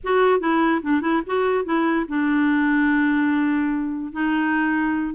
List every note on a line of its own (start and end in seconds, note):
0.03 0.39 F#4
0.39 0.81 E4
0.82 1.01 D4
1.01 1.22 E4
1.26 1.64 F#4
1.64 2.06 E4
2.08 4.12 D4
4.12 5.14 D#4